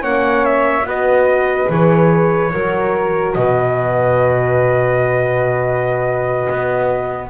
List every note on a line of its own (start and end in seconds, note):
0.00 0.84 A#3
0.00 0.83 C#4
0.00 0.85 C#5
0.00 0.45 F#5
0.45 0.86 E5
0.84 1.67 B3
0.84 1.68 F#4
0.84 2.52 B4
0.84 1.71 D#5
1.68 2.52 E3
1.68 2.51 G#4
1.68 3.33 C#5
2.52 3.35 F#3
2.52 7.30 F#4
2.52 3.36 A#4
3.33 6.48 B2
3.33 7.30 B4
3.33 7.29 D#5
6.49 7.30 B3